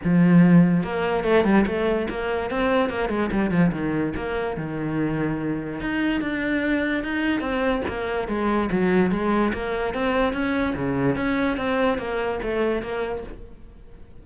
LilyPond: \new Staff \with { instrumentName = "cello" } { \time 4/4 \tempo 4 = 145 f2 ais4 a8 g8 | a4 ais4 c'4 ais8 gis8 | g8 f8 dis4 ais4 dis4~ | dis2 dis'4 d'4~ |
d'4 dis'4 c'4 ais4 | gis4 fis4 gis4 ais4 | c'4 cis'4 cis4 cis'4 | c'4 ais4 a4 ais4 | }